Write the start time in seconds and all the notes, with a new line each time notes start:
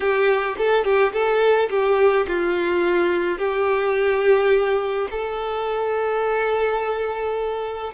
0.00 G4
0.58 A4
0.84 G4
1.12 A4
1.70 G4
2.27 F4
3.38 G4
5.10 A4